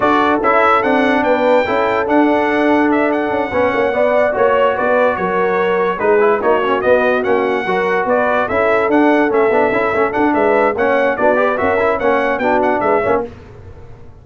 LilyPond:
<<
  \new Staff \with { instrumentName = "trumpet" } { \time 4/4 \tempo 4 = 145 d''4 e''4 fis''4 g''4~ | g''4 fis''2 e''8 fis''8~ | fis''2~ fis''8 cis''4 d''8~ | d''8 cis''2 b'4 cis''8~ |
cis''8 dis''4 fis''2 d''8~ | d''8 e''4 fis''4 e''4.~ | e''8 fis''8 e''4 fis''4 d''4 | e''4 fis''4 g''8 fis''8 e''4 | }
  \new Staff \with { instrumentName = "horn" } { \time 4/4 a'2. b'4 | a'1~ | a'8 b'8 cis''8 d''4 cis''4 b'8~ | b'8 ais'2 gis'4 fis'8~ |
fis'2~ fis'8 ais'4 b'8~ | b'8 a'2.~ a'8~ | a'4 b'4 cis''4 fis'8 b'8 | ais'4 cis''4 fis'4 b'8 cis''8 | }
  \new Staff \with { instrumentName = "trombone" } { \time 4/4 fis'4 e'4 d'2 | e'4 d'2.~ | d'8 cis'4 b4 fis'4.~ | fis'2~ fis'8 dis'8 e'8 dis'8 |
cis'8 b4 cis'4 fis'4.~ | fis'8 e'4 d'4 cis'8 d'8 e'8 | cis'8 d'4. cis'4 d'8 g'8 | fis'8 e'8 cis'4 d'4. cis'8 | }
  \new Staff \with { instrumentName = "tuba" } { \time 4/4 d'4 cis'4 c'4 b4 | cis'4 d'2. | cis'8 b8 ais8 b4 ais4 b8~ | b8 fis2 gis4 ais8~ |
ais8 b4 ais4 fis4 b8~ | b8 cis'4 d'4 a8 b8 cis'8 | a8 d'8 gis4 ais4 b4 | cis'4 ais4 b4 gis8 ais8 | }
>>